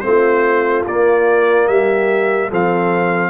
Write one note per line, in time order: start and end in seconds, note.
0.00 0.85 A3
0.00 0.85 C4
0.00 0.82 C5
0.07 1.71 F4
0.88 2.51 A#3
0.88 1.68 A#3
0.88 1.68 D5
1.68 2.50 G3
1.68 2.50 G4
1.68 2.50 E5
2.50 3.30 F3
2.50 3.30 C4
2.50 3.30 A4
2.50 3.30 F5